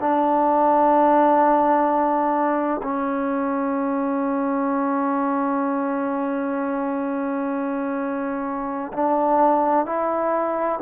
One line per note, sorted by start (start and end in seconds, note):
0.00 2.81 D4
2.83 8.93 C#4
8.93 9.86 D4
9.86 10.80 E4